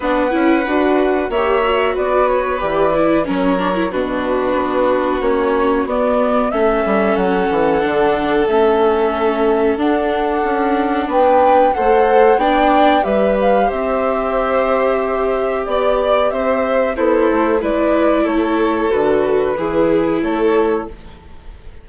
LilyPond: <<
  \new Staff \with { instrumentName = "flute" } { \time 4/4 \tempo 4 = 92 fis''2 e''4 d''8 cis''8 | d''4 cis''4 b'2 | cis''4 d''4 e''4 fis''4~ | fis''4 e''2 fis''4~ |
fis''4 g''4 fis''4 g''4 | e''8 f''8 e''2. | d''4 e''4 c''4 d''4 | cis''4 b'2 cis''4 | }
  \new Staff \with { instrumentName = "violin" } { \time 4/4 b'2 cis''4 b'4~ | b'4 ais'4 fis'2~ | fis'2 a'2~ | a'1~ |
a'4 b'4 c''4 d''4 | b'4 c''2. | d''4 c''4 e'4 b'4 | a'2 gis'4 a'4 | }
  \new Staff \with { instrumentName = "viola" } { \time 4/4 d'8 e'8 fis'4 g'8 fis'4. | g'8 e'8 cis'8 d'16 e'16 d'2 | cis'4 b4 cis'2 | d'4 cis'2 d'4~ |
d'2 a'4 d'4 | g'1~ | g'2 a'4 e'4~ | e'4 fis'4 e'2 | }
  \new Staff \with { instrumentName = "bassoon" } { \time 4/4 b8 cis'8 d'4 ais4 b4 | e4 fis4 b,4 b4 | ais4 b4 a8 g8 fis8 e8 | d4 a2 d'4 |
cis'4 b4 a4 b4 | g4 c'2. | b4 c'4 b8 a8 gis4 | a4 d4 e4 a4 | }
>>